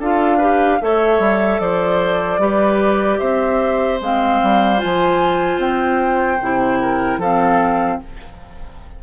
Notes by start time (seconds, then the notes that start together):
0.00 D4 F4 A4 F5
0.38 G4 B4
0.82 A3 A4 C#5 E5
1.19 G3
1.60 F3 C5 D5
2.39 G3 G4 B4
3.19 C4 C5 E5
4.01 G#3 C4 F5
4.43 G3
4.78 F4 G#5
4.84 F3
5.58 C4 G5
6.42 C3 E4
6.82 A#4
7.18 F3 C4 A4 F5